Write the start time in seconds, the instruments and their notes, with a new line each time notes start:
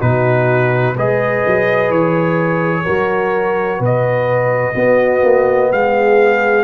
0.00 tuba B2, trombone D#4, horn F#4, trumpet B4
0.96 tuba G#3, trombone G#4, horn B4, trumpet D#5
1.46 tuba F#3
1.90 tuba E3, trumpet C#5
2.85 tuba F#3, trombone F#4, horn A#4
3.78 tuba B2, horn B4
3.86 trumpet D#5
4.75 tuba B3, trombone B3, horn F#4
5.24 tuba A#3
5.72 tuba G#3, horn G#4, trumpet F5